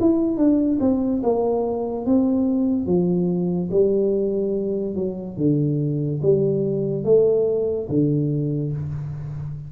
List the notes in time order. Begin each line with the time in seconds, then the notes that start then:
0.00 E4
0.37 D4
0.80 C4
1.23 A#3
2.06 C4
2.86 F3
3.71 G3
4.95 F#3
5.37 D3
6.22 G3
7.04 A3
7.89 D3